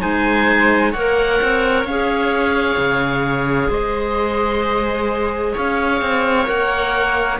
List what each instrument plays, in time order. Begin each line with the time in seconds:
0.00 cello G#3, clarinet D#4, viola C5, oboe G#5
0.90 cello A#3, clarinet A#4, viola C#5, oboe F#5
1.42 cello C4
1.84 cello C#4, clarinet G#4, oboe F5
2.77 cello C#3
3.69 cello G#3, viola C5, oboe D#5
5.53 cello C#4, viola C#5, oboe F5
6.01 cello C4
6.45 cello A#3, clarinet A#4, oboe F#5